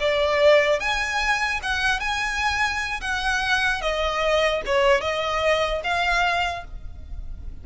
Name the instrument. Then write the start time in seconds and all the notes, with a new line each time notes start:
violin
0.00 D5
0.80 G#5
1.63 F#5
2.00 G#5
3.01 F#5
3.81 D#5
4.66 C#5
5.01 D#5
5.84 F5